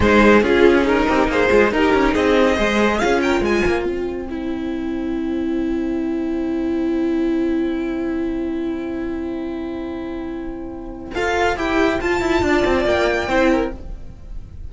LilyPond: <<
  \new Staff \with { instrumentName = "violin" } { \time 4/4 \tempo 4 = 140 c''4 gis'4 ais'4 c''4 | ais'4 dis''2 f''8 g''8 | gis''4 g''2.~ | g''1~ |
g''1~ | g''1~ | g''2 f''4 g''4 | a''2 g''2 | }
  \new Staff \with { instrumentName = "violin" } { \time 4/4 gis'4 f'4 dis'4. f'8 | g'4 gis'4 c''4 gis'8 ais'8 | c''1~ | c''1~ |
c''1~ | c''1~ | c''1~ | c''4 d''2 c''8 ais'8 | }
  \new Staff \with { instrumentName = "viola" } { \time 4/4 dis'4 f'4 gis'8 g'8 gis'4 | dis'2 gis'4 f'4~ | f'2 e'2~ | e'1~ |
e'1~ | e'1~ | e'2 a'4 g'4 | f'2. e'4 | }
  \new Staff \with { instrumentName = "cello" } { \time 4/4 gis4 cis'4. c'8 ais8 gis8 | dis'8 cis'8 c'4 gis4 cis'4 | gis8 ais8 c'2.~ | c'1~ |
c'1~ | c'1~ | c'2 f'4 e'4 | f'8 e'8 d'8 c'8 ais4 c'4 | }
>>